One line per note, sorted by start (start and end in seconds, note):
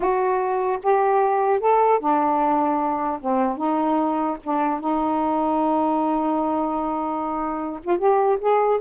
0.00 0.78 F#4
0.82 1.60 G4
1.60 1.99 A4
1.99 3.19 D4
3.20 3.57 C4
3.57 4.37 D#4
4.43 4.80 D4
4.80 7.80 D#4
7.83 7.98 F4
7.98 8.38 G4
8.40 8.80 G#4